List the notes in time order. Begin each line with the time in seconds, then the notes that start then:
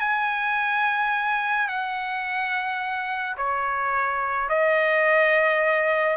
0.00 G#5
1.68 F#5
3.37 C#5
4.49 D#5